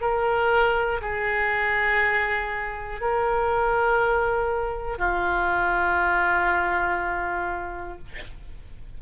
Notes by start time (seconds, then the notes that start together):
0.00 A#4
1.00 G#4
3.00 A#4
4.98 F4